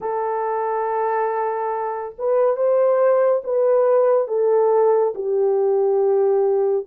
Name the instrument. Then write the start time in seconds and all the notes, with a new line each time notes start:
horn
0.00 A4
2.18 B4
2.56 C5
3.44 B4
4.27 A4
5.14 G4